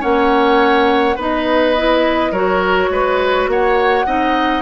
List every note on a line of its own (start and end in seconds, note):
0.00 1.17 A#3
0.00 1.15 C#4
0.00 1.16 C#5
0.00 1.18 F#5
1.16 2.31 B3
1.16 1.76 D#4
1.16 2.31 B4
1.16 2.33 D#5
1.77 2.34 E4
2.31 2.89 F#3
2.31 4.06 F#4
2.31 2.89 A#4
2.31 3.48 C#5
2.90 3.47 G#3
2.90 3.50 B4
3.47 4.05 A#3
3.47 4.06 C#5
3.47 4.62 F#5
4.06 4.62 C4
4.06 4.62 D#4
4.06 4.62 D#5